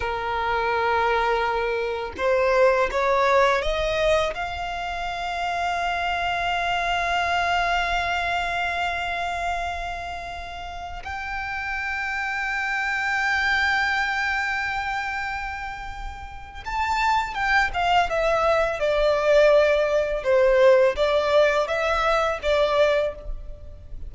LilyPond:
\new Staff \with { instrumentName = "violin" } { \time 4/4 \tempo 4 = 83 ais'2. c''4 | cis''4 dis''4 f''2~ | f''1~ | f''2.~ f''16 g''8.~ |
g''1~ | g''2. a''4 | g''8 f''8 e''4 d''2 | c''4 d''4 e''4 d''4 | }